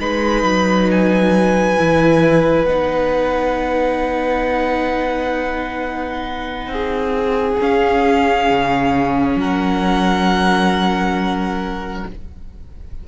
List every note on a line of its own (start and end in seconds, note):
0.00 0.43 G#3
0.00 1.77 D#4
0.00 6.72 B4
0.00 0.90 B5
0.43 1.77 F#3
0.91 2.65 G#5
1.77 2.65 E3
1.77 2.67 E4
2.65 6.67 B3
2.65 7.59 D#4
2.65 7.58 F#5
6.67 7.56 C4
6.67 9.39 G#4
7.59 12.07 C#4
7.59 8.50 C#4
7.59 9.39 F5
8.50 9.35 C#3
9.35 12.04 F#3
9.35 12.08 A#4
9.35 12.08 F#5